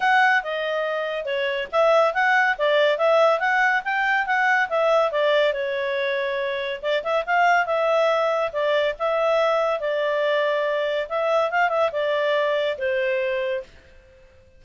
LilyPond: \new Staff \with { instrumentName = "clarinet" } { \time 4/4 \tempo 4 = 141 fis''4 dis''2 cis''4 | e''4 fis''4 d''4 e''4 | fis''4 g''4 fis''4 e''4 | d''4 cis''2. |
d''8 e''8 f''4 e''2 | d''4 e''2 d''4~ | d''2 e''4 f''8 e''8 | d''2 c''2 | }